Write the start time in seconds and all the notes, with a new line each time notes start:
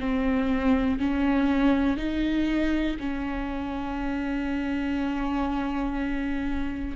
0.00 C4
0.99 C#4
1.97 D#4
3.00 C#4